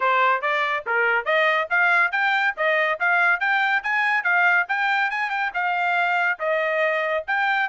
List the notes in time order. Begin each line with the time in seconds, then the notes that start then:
0.00 C5
0.41 D5
0.86 A#4
1.25 D#5
1.70 F5
2.11 G5
2.56 D#5
2.99 F5
3.40 G5
3.83 G#5
4.23 F5
4.68 G5
5.10 G#5
5.30 G5
5.53 F5
6.39 D#5
7.27 G5